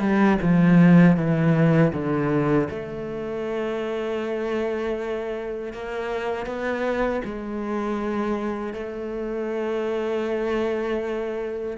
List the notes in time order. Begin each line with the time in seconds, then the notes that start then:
0.00 G3
0.42 F3
1.17 E3
1.93 D3
2.70 A3
5.73 A#3
6.46 B3
7.25 G#3
8.74 A3